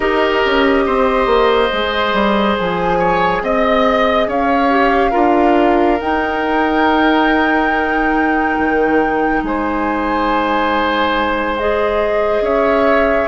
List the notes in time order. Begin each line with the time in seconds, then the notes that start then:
0.00 D#4 G4 A#4 D#5
0.45 C#4
0.86 C4 C5
1.26 A#3
1.70 G#3 G#4
2.13 G3
2.59 F3 G#5
2.99 C#5
3.42 C4 D#5
4.27 C#4 C#5 F5
4.70 G4
5.11 D4 F4 A#4
6.00 D#4 G5
8.58 D#3
9.42 G#3 C5 G#5
11.57 G#4 D#5
12.41 C#4 C#5 E5